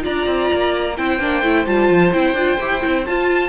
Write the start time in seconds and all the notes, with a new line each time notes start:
0.00 F4 D5 A#5
0.07 D4
0.27 C4
0.54 A#3
0.97 C4 E4 C5 G5
1.20 A#3 D4
1.43 A3 E4
1.66 G3 F4 A5
1.90 F3
2.13 C4 E4 G5
2.34 D4 F4
2.61 E4 G4
2.81 C4 E4
3.06 F4 A5